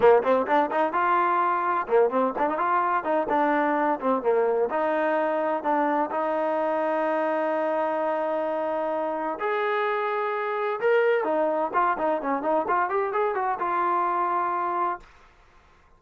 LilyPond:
\new Staff \with { instrumentName = "trombone" } { \time 4/4 \tempo 4 = 128 ais8 c'8 d'8 dis'8 f'2 | ais8 c'8 d'16 dis'16 f'4 dis'8 d'4~ | d'8 c'8 ais4 dis'2 | d'4 dis'2.~ |
dis'1 | gis'2. ais'4 | dis'4 f'8 dis'8 cis'8 dis'8 f'8 g'8 | gis'8 fis'8 f'2. | }